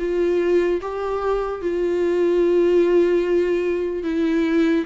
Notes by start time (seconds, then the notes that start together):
0.00 F4
0.82 G4
1.62 F4
4.04 E4